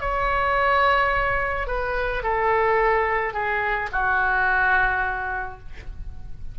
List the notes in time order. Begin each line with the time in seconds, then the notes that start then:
0.00 C#5
1.67 B4
2.23 A4
3.33 G#4
3.92 F#4